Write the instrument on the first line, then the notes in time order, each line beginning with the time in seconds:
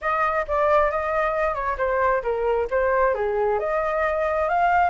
flute
0.01 D#5
0.47 D5
0.91 D#5
1.54 C#5
1.77 C5
2.22 A#4
2.70 C5
3.14 G#4
3.59 D#5
4.48 F5